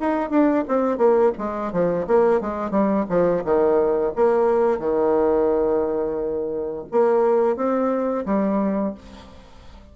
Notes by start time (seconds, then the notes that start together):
0.00 D#4
0.30 D4
0.68 C4
0.97 A#3
1.38 G#3
1.72 F3
2.07 A#3
2.40 G#3
2.71 G3
3.09 F3
3.44 D#3
4.15 A#3
4.79 D#3
6.91 A#3
7.56 C4
8.25 G3